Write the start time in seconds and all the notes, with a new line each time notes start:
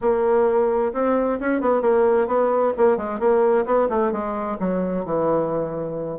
0.01 A#3
0.93 C4
1.40 C#4
1.60 B3
1.81 A#3
2.27 B3
2.77 A#3
2.97 G#3
3.19 A#3
3.65 B3
3.89 A3
4.11 G#3
4.59 F#3
5.05 E3